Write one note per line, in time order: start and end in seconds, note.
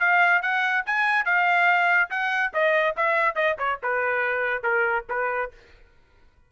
0.00 0.42 F5
0.42 0.85 F#5
0.86 1.25 G#5
1.25 2.10 F5
2.10 2.53 F#5
2.54 2.96 D#5
2.97 3.35 E5
3.35 3.56 D#5
3.59 3.80 C#5
3.83 4.63 B4
4.63 5.06 A#4
5.10 5.52 B4